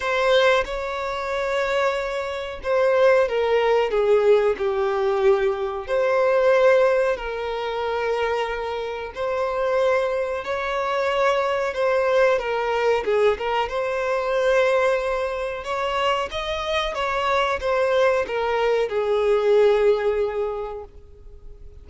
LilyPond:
\new Staff \with { instrumentName = "violin" } { \time 4/4 \tempo 4 = 92 c''4 cis''2. | c''4 ais'4 gis'4 g'4~ | g'4 c''2 ais'4~ | ais'2 c''2 |
cis''2 c''4 ais'4 | gis'8 ais'8 c''2. | cis''4 dis''4 cis''4 c''4 | ais'4 gis'2. | }